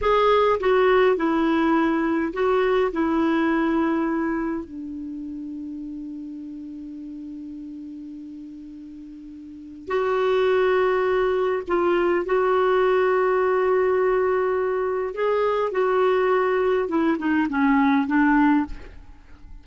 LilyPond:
\new Staff \with { instrumentName = "clarinet" } { \time 4/4 \tempo 4 = 103 gis'4 fis'4 e'2 | fis'4 e'2. | d'1~ | d'1~ |
d'4 fis'2. | f'4 fis'2.~ | fis'2 gis'4 fis'4~ | fis'4 e'8 dis'8 cis'4 d'4 | }